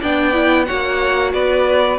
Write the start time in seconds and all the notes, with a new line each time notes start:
0.00 B3 D4 D5 G5
0.33 E4
0.65 A#3 F#4 C#5 F#5
1.33 B3 B4 D5